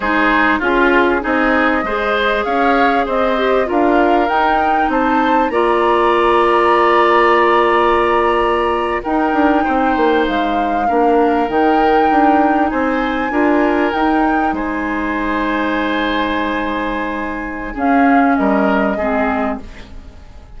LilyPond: <<
  \new Staff \with { instrumentName = "flute" } { \time 4/4 \tempo 4 = 98 c''4 gis'4 dis''2 | f''4 dis''4 f''4 g''4 | a''4 ais''2.~ | ais''2~ ais''8. g''4~ g''16~ |
g''8. f''2 g''4~ g''16~ | g''8. gis''2 g''4 gis''16~ | gis''1~ | gis''4 f''4 dis''2 | }
  \new Staff \with { instrumentName = "oboe" } { \time 4/4 gis'4 f'4 gis'4 c''4 | cis''4 c''4 ais'2 | c''4 d''2.~ | d''2~ d''8. ais'4 c''16~ |
c''4.~ c''16 ais'2~ ais'16~ | ais'8. c''4 ais'2 c''16~ | c''1~ | c''4 gis'4 ais'4 gis'4 | }
  \new Staff \with { instrumentName = "clarinet" } { \time 4/4 dis'4 f'4 dis'4 gis'4~ | gis'4. g'8 f'4 dis'4~ | dis'4 f'2.~ | f'2~ f'8. dis'4~ dis'16~ |
dis'4.~ dis'16 d'4 dis'4~ dis'16~ | dis'4.~ dis'16 f'4 dis'4~ dis'16~ | dis'1~ | dis'4 cis'2 c'4 | }
  \new Staff \with { instrumentName = "bassoon" } { \time 4/4 gis4 cis'4 c'4 gis4 | cis'4 c'4 d'4 dis'4 | c'4 ais2.~ | ais2~ ais8. dis'8 d'8 c'16~ |
c'16 ais8 gis4 ais4 dis4 d'16~ | d'8. c'4 d'4 dis'4 gis16~ | gis1~ | gis4 cis'4 g4 gis4 | }
>>